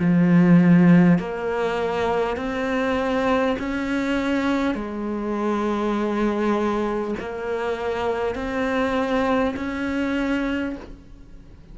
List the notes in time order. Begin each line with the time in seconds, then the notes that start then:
0.00 F3
1.19 A#3
2.37 C4
3.59 C#4
4.75 G#3
7.20 A#3
8.35 C4
9.57 C#4